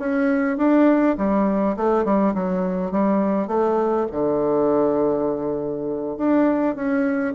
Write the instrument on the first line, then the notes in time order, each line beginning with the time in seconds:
bassoon
0.00 C#4
0.58 D4
1.18 G3
1.77 A3
2.05 G3
2.34 F#3
2.92 G3
3.48 A3
4.12 D3
6.18 D4
6.76 C#4